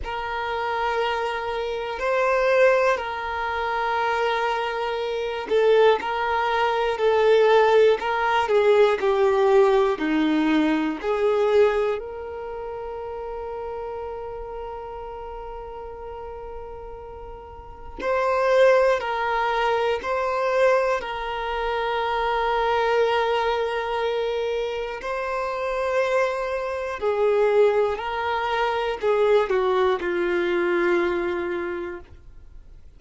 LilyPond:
\new Staff \with { instrumentName = "violin" } { \time 4/4 \tempo 4 = 60 ais'2 c''4 ais'4~ | ais'4. a'8 ais'4 a'4 | ais'8 gis'8 g'4 dis'4 gis'4 | ais'1~ |
ais'2 c''4 ais'4 | c''4 ais'2.~ | ais'4 c''2 gis'4 | ais'4 gis'8 fis'8 f'2 | }